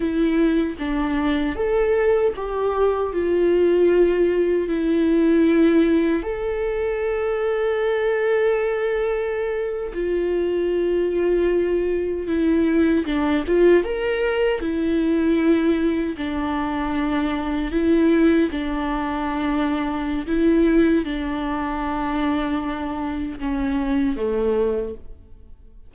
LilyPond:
\new Staff \with { instrumentName = "viola" } { \time 4/4 \tempo 4 = 77 e'4 d'4 a'4 g'4 | f'2 e'2 | a'1~ | a'8. f'2. e'16~ |
e'8. d'8 f'8 ais'4 e'4~ e'16~ | e'8. d'2 e'4 d'16~ | d'2 e'4 d'4~ | d'2 cis'4 a4 | }